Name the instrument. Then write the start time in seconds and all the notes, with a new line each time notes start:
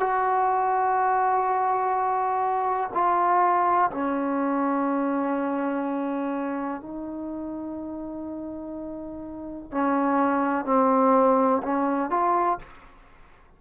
trombone
0.00 F#4
2.94 F4
3.91 C#4
6.82 D#4
9.72 C#4
10.65 C4
11.63 C#4
12.11 F4